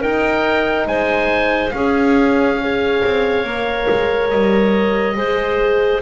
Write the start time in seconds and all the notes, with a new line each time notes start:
0.00 D#4 A#4 G5
0.86 G#3 C5 G#5
1.71 C#4 G#4 F5
2.61 G#4 C#5
3.05 C4
3.45 A#3 A#4
3.90 G#3
4.31 G3 D#5
5.16 G#3 G#4 C5